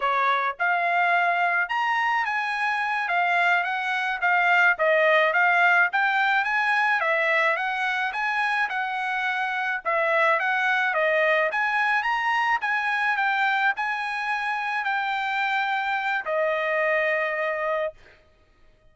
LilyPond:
\new Staff \with { instrumentName = "trumpet" } { \time 4/4 \tempo 4 = 107 cis''4 f''2 ais''4 | gis''4. f''4 fis''4 f''8~ | f''8 dis''4 f''4 g''4 gis''8~ | gis''8 e''4 fis''4 gis''4 fis''8~ |
fis''4. e''4 fis''4 dis''8~ | dis''8 gis''4 ais''4 gis''4 g''8~ | g''8 gis''2 g''4.~ | g''4 dis''2. | }